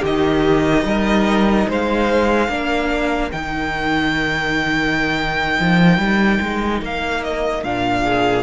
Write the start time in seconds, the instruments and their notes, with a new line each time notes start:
0.00 cello D#3, viola D#4, violin G4 D#5
0.84 cello G3, violin A#4
1.68 cello G#3, violin C5 F5
2.48 cello A#3, viola D4, violin A#4
3.31 cello D#3, viola D#4, violin G5
5.59 cello F3
5.98 cello G3
6.41 cello G#3
6.81 cello A#3, violin F5
7.23 violin D#5
7.63 cello A#2, viola D4, violin F5
8.04 violin G#4